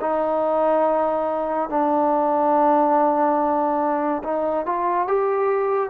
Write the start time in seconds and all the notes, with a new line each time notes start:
0.00 D#4
1.69 D4
4.24 D#4
4.65 F4
5.07 G4